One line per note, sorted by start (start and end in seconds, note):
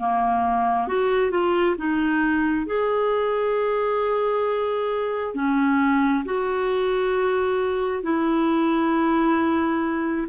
0.00 0.88 A#3
0.88 1.31 F#4
1.31 1.76 F4
1.78 2.67 D#4
2.67 5.35 G#4
5.35 6.24 C#4
6.25 8.03 F#4
8.03 10.27 E4